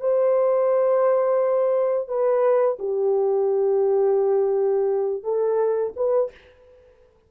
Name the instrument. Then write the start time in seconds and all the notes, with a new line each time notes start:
horn
0.00 C5
2.08 B4
2.79 G4
5.23 A4
5.96 B4